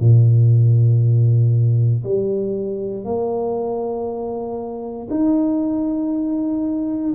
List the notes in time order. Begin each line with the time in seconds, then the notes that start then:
0.00 A#2
2.04 G3
3.05 A#3
5.10 D#4